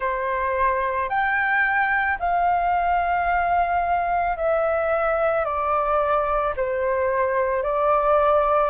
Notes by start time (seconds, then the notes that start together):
0.00 C5
1.09 G5
2.19 F5
4.36 E5
5.44 D5
6.56 C5
7.62 D5